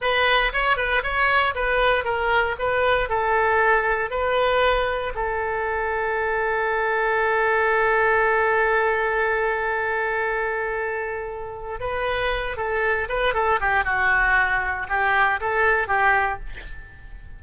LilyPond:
\new Staff \with { instrumentName = "oboe" } { \time 4/4 \tempo 4 = 117 b'4 cis''8 b'8 cis''4 b'4 | ais'4 b'4 a'2 | b'2 a'2~ | a'1~ |
a'1~ | a'2. b'4~ | b'8 a'4 b'8 a'8 g'8 fis'4~ | fis'4 g'4 a'4 g'4 | }